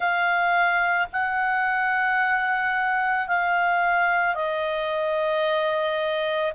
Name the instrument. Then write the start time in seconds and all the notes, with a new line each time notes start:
clarinet
0.00 F5
1.12 F#5
3.27 F5
4.34 D#5